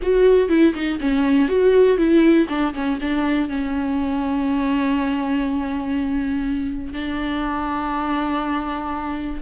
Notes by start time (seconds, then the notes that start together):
0.02 F#4
0.48 E4
0.74 D#4
1.00 C#4
1.48 F#4
1.97 E4
2.48 D4
2.74 C#4
3.00 D4
3.48 C#4
6.93 D4